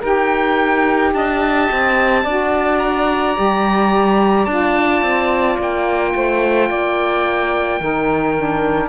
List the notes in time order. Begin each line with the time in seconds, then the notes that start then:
0.00 D#4 G4 A#4 G5
1.14 D4 D#5 A5
1.72 C4
2.23 D4 F#4 D5
2.79 A#5
3.35 G3 G4
4.45 D4 F4 A5
5.02 C4
5.58 A#3 G5
6.15 A3 C5
6.69 A#3 D5
7.80 D#3 D#4 A#4
8.37 D4